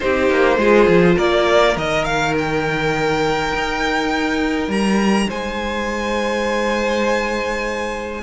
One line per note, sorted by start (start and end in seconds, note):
0.00 0.30 C4
0.00 0.58 D#4
0.00 0.58 G4
0.00 1.17 C5
0.30 0.57 A#3
0.57 0.86 G#3
0.57 1.74 F4
0.57 1.15 G#4
0.87 1.17 F3
1.15 1.76 A#3
1.15 5.27 A#4
1.15 1.76 D5
1.74 3.53 D#3
1.74 8.21 D#4
1.74 2.04 D#5
2.04 2.33 F5
2.38 4.70 G5
3.54 4.68 D#4
4.68 5.26 G3
4.68 5.29 A#5
5.27 8.23 G#3
5.27 8.21 C5
5.27 8.23 G#5